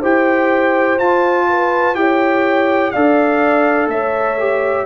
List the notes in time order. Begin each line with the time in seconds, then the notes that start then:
0.00 E4 G4 C5 G5
0.98 F4 A5
1.48 B4
1.95 E4 G4 C#5 G5
2.91 D4 A4 D5 F5
3.87 A3 C#5 E5
4.39 G4